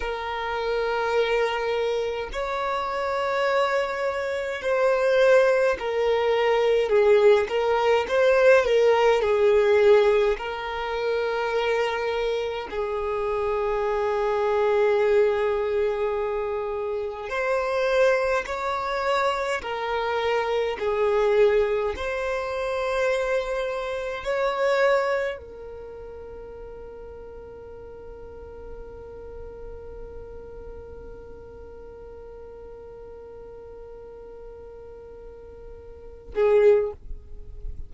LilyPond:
\new Staff \with { instrumentName = "violin" } { \time 4/4 \tempo 4 = 52 ais'2 cis''2 | c''4 ais'4 gis'8 ais'8 c''8 ais'8 | gis'4 ais'2 gis'4~ | gis'2. c''4 |
cis''4 ais'4 gis'4 c''4~ | c''4 cis''4 ais'2~ | ais'1~ | ais'2.~ ais'8 gis'8 | }